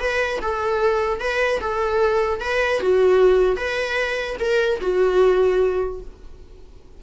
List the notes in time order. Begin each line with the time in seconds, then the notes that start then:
0.00 B4
0.42 A4
1.20 B4
1.61 A4
2.41 B4
2.81 F#4
3.57 B4
4.40 A#4
4.81 F#4